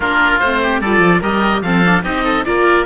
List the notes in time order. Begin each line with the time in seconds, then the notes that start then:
0.00 A#3 D4 F4 A#4
0.39 A3 C4 C5
0.62 G4
0.81 G3 F4 A4 D5
0.99 F3
1.20 G3 G4 A#4 D#5
1.61 F3 C4 A4 F5
1.84 D4
2.03 C4 D#4 G4 D#5
2.23 A4
2.45 A#3 F4 A#4 D5